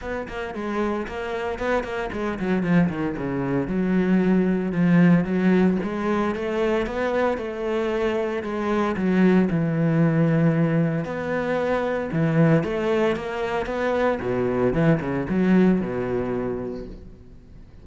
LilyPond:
\new Staff \with { instrumentName = "cello" } { \time 4/4 \tempo 4 = 114 b8 ais8 gis4 ais4 b8 ais8 | gis8 fis8 f8 dis8 cis4 fis4~ | fis4 f4 fis4 gis4 | a4 b4 a2 |
gis4 fis4 e2~ | e4 b2 e4 | a4 ais4 b4 b,4 | e8 cis8 fis4 b,2 | }